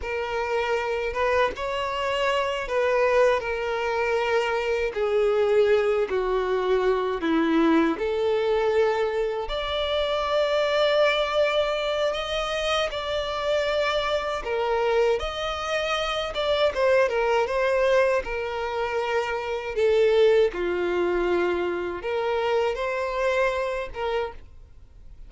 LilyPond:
\new Staff \with { instrumentName = "violin" } { \time 4/4 \tempo 4 = 79 ais'4. b'8 cis''4. b'8~ | b'8 ais'2 gis'4. | fis'4. e'4 a'4.~ | a'8 d''2.~ d''8 |
dis''4 d''2 ais'4 | dis''4. d''8 c''8 ais'8 c''4 | ais'2 a'4 f'4~ | f'4 ais'4 c''4. ais'8 | }